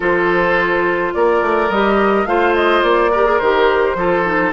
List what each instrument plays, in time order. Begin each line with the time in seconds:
0.00 bassoon F3, clarinet F4, oboe A4, flute C5
1.14 bassoon A#3, oboe A#4, flute D5
1.41 bassoon A3
1.69 bassoon G3, clarinet G4, flute D#5
2.25 bassoon A3, clarinet F4, oboe C5, flute F5
2.54 flute D#5
2.83 bassoon A#3, flute D5
3.11 clarinet G4, oboe A#4
3.25 clarinet G#4
3.38 bassoon D#3, clarinet G4, flute C5
3.95 bassoon F3, clarinet F4, oboe A4
4.24 clarinet D#4